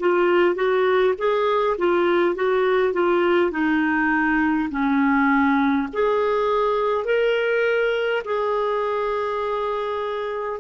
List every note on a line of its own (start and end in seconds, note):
0.00 0.56 F4
0.56 1.14 F#4
1.18 1.77 G#4
1.79 2.36 F4
2.36 2.94 F#4
2.94 3.52 F4
3.52 4.70 D#4
4.71 5.89 C#4
5.94 7.05 G#4
7.05 8.23 A#4
8.25 10.60 G#4